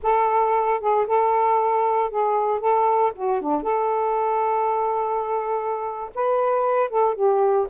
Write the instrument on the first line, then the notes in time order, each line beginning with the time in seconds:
saxophone
0.02 A4
0.80 G#4
1.07 A4
2.10 G#4
2.60 A4
3.15 F#4
3.41 D4
3.62 A4
6.14 B4
6.89 A4
7.15 G4